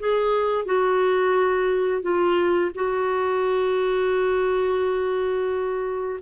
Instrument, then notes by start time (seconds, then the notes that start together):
clarinet
0.00 G#4
0.65 F#4
2.02 F4
2.75 F#4